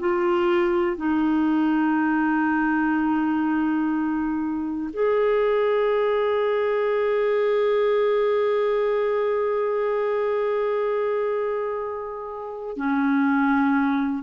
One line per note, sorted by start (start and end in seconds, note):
0.00 0.97 F4
0.97 4.90 D#4
4.94 12.77 G#4
12.77 14.24 C#4